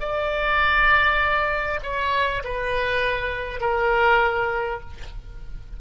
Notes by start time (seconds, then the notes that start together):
0.00 D5
1.83 C#5
2.44 B4
3.61 A#4